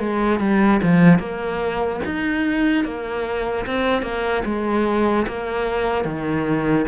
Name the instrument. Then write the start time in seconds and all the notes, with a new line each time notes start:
cello
0.00 G#3
0.40 G3
0.83 F3
1.19 A#3
2.05 D#4
2.85 A#3
3.67 C4
4.02 A#3
4.46 G#3
5.28 A#3
6.05 D#3